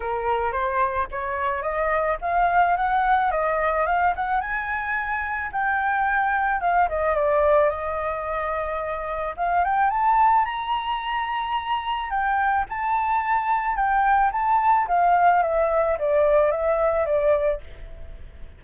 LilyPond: \new Staff \with { instrumentName = "flute" } { \time 4/4 \tempo 4 = 109 ais'4 c''4 cis''4 dis''4 | f''4 fis''4 dis''4 f''8 fis''8 | gis''2 g''2 | f''8 dis''8 d''4 dis''2~ |
dis''4 f''8 g''8 a''4 ais''4~ | ais''2 g''4 a''4~ | a''4 g''4 a''4 f''4 | e''4 d''4 e''4 d''4 | }